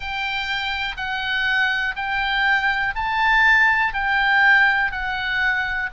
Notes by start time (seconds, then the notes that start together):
0.00 G5
0.96 F#5
1.96 G5
2.95 A5
3.93 G5
4.91 F#5